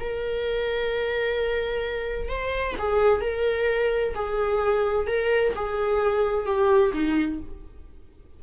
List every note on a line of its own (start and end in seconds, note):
0.00 2.29 A#4
2.29 2.75 C5
2.79 3.21 G#4
3.21 4.14 A#4
4.15 5.07 G#4
5.07 5.54 A#4
5.56 6.46 G#4
6.46 6.93 G4
6.93 7.40 D#4